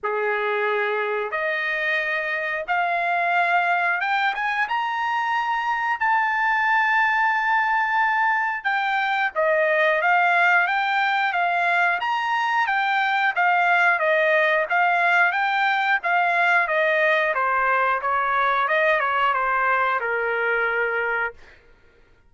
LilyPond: \new Staff \with { instrumentName = "trumpet" } { \time 4/4 \tempo 4 = 90 gis'2 dis''2 | f''2 g''8 gis''8 ais''4~ | ais''4 a''2.~ | a''4 g''4 dis''4 f''4 |
g''4 f''4 ais''4 g''4 | f''4 dis''4 f''4 g''4 | f''4 dis''4 c''4 cis''4 | dis''8 cis''8 c''4 ais'2 | }